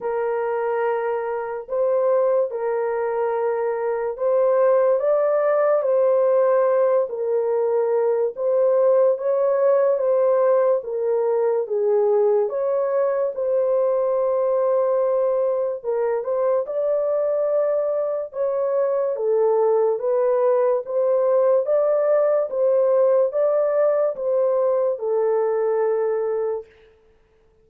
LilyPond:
\new Staff \with { instrumentName = "horn" } { \time 4/4 \tempo 4 = 72 ais'2 c''4 ais'4~ | ais'4 c''4 d''4 c''4~ | c''8 ais'4. c''4 cis''4 | c''4 ais'4 gis'4 cis''4 |
c''2. ais'8 c''8 | d''2 cis''4 a'4 | b'4 c''4 d''4 c''4 | d''4 c''4 a'2 | }